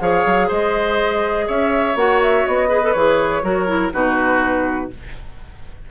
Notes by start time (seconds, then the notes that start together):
0.00 F3 G#4 C#5 F5
0.26 F#3
0.48 G#3 C5 D#5
1.47 C#4 C#5 E5
1.95 A#3 F#4 F#5
2.22 E5
2.47 B3 D#5
2.69 G#4 B4
2.83 A4
2.93 E3 G#4 C#5
3.42 F#3 F#4 A#4
3.67 E4
3.93 B2 D#4 F#4 B4